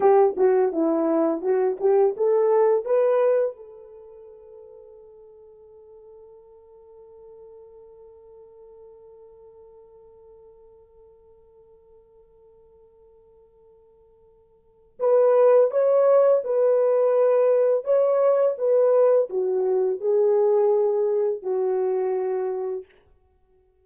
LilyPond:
\new Staff \with { instrumentName = "horn" } { \time 4/4 \tempo 4 = 84 g'8 fis'8 e'4 fis'8 g'8 a'4 | b'4 a'2.~ | a'1~ | a'1~ |
a'1~ | a'4 b'4 cis''4 b'4~ | b'4 cis''4 b'4 fis'4 | gis'2 fis'2 | }